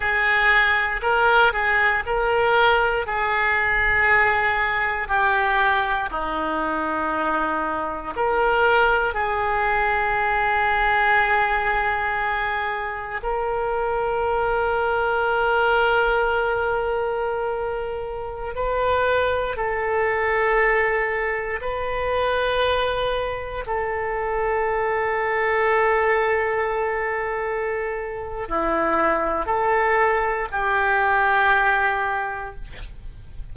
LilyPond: \new Staff \with { instrumentName = "oboe" } { \time 4/4 \tempo 4 = 59 gis'4 ais'8 gis'8 ais'4 gis'4~ | gis'4 g'4 dis'2 | ais'4 gis'2.~ | gis'4 ais'2.~ |
ais'2~ ais'16 b'4 a'8.~ | a'4~ a'16 b'2 a'8.~ | a'1 | e'4 a'4 g'2 | }